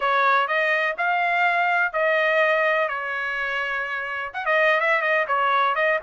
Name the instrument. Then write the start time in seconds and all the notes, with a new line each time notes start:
trumpet
0.00 C#5
0.47 D#5
0.97 F5
1.92 D#5
2.88 C#5
4.33 F#5
4.45 D#5
4.80 E5
5.01 D#5
5.27 C#5
5.75 D#5